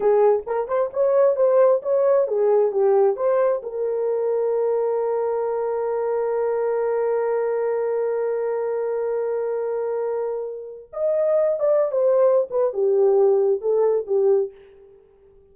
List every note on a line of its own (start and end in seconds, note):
0.00 0.43 G#4
0.46 0.67 A#4
0.67 0.90 C5
0.93 1.36 C#5
1.36 1.81 C5
1.82 2.27 C#5
2.27 2.71 G#4
2.71 3.16 G4
3.16 3.61 C5
3.62 10.90 A#4
10.92 11.59 D#5
11.59 11.91 D5
11.91 12.48 C5
12.50 12.73 B4
12.73 13.61 G4
13.61 14.06 A4
14.06 14.51 G4